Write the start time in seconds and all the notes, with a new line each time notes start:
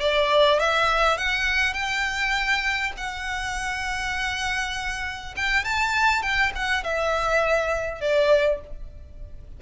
0.00 D5
0.59 E5
1.17 F#5
1.73 G5
2.97 F#5
5.36 G5
5.64 A5
6.22 G5
6.55 F#5
6.83 E5
8.01 D5